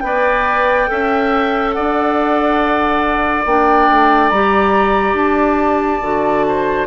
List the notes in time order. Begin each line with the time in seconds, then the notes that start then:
0.00 B3 B4 D5 G5
0.87 C#4 A4 E5
1.72 D4 D5 F#5
3.45 A#3 D4 G5
3.90 A3
4.29 G3 G4 A#5
5.13 D4 A5
6.01 D3 F#4
6.47 C5